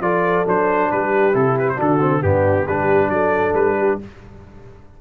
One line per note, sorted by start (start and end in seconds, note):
0.00 0.44 F3
0.00 0.45 F4
0.00 0.90 A4
0.00 0.46 D5
0.45 0.91 F#3
0.45 1.32 D4
0.45 0.91 C5
0.91 1.34 G3
0.91 1.75 G4
0.91 1.35 B4
1.32 1.78 C3
1.32 1.76 E4
1.32 1.57 A4
1.58 1.69 B4
1.69 1.80 C5
1.75 2.23 D3
1.75 1.98 D4
1.75 2.19 F#4
1.75 2.23 A4
2.00 2.22 C4
2.22 2.67 G2
2.22 2.66 B3
2.22 2.66 D4
2.22 2.67 G4
2.66 3.09 G3
2.66 4.01 D4
2.66 3.10 G4
2.66 3.10 B4
3.09 3.53 F#3
3.09 3.78 A4
3.09 3.54 D5
3.54 3.98 G3
3.54 3.99 B4
3.78 4.00 G4